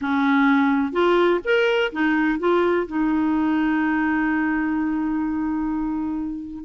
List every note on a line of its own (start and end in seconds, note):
0.01 0.92 C#4
0.92 1.40 F4
1.44 1.92 A#4
1.92 2.39 D#4
2.39 2.86 F4
2.87 6.64 D#4